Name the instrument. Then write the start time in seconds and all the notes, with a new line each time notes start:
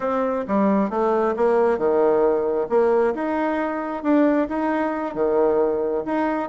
bassoon
0.00 C4
0.47 G3
0.90 A3
1.36 A#3
1.78 D#3
2.69 A#3
3.14 D#4
4.03 D4
4.48 D#4
5.14 D#3
6.05 D#4